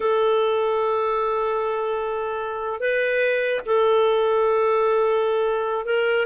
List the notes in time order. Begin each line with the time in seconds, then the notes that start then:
0.00 A4
2.80 B4
3.65 A4
5.85 A#4